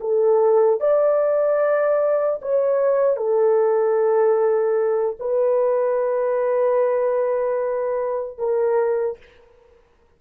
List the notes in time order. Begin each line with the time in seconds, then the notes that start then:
0.00 A4
0.80 D5
2.41 C#5
3.16 A4
5.19 B4
8.38 A#4